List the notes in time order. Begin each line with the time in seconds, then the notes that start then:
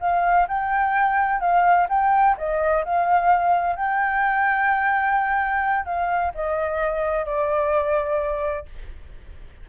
0.00 F5
0.48 G5
1.40 F5
1.89 G5
2.38 D#5
2.85 F5
3.76 G5
5.86 F5
6.35 D#5
7.25 D5